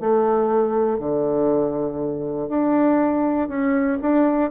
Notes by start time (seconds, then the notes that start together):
0.00 A3
0.99 D3
2.48 D4
3.48 C#4
4.02 D4